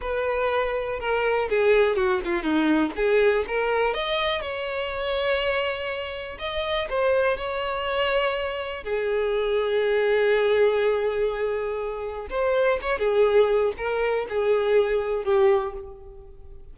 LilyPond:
\new Staff \with { instrumentName = "violin" } { \time 4/4 \tempo 4 = 122 b'2 ais'4 gis'4 | fis'8 f'8 dis'4 gis'4 ais'4 | dis''4 cis''2.~ | cis''4 dis''4 c''4 cis''4~ |
cis''2 gis'2~ | gis'1~ | gis'4 c''4 cis''8 gis'4. | ais'4 gis'2 g'4 | }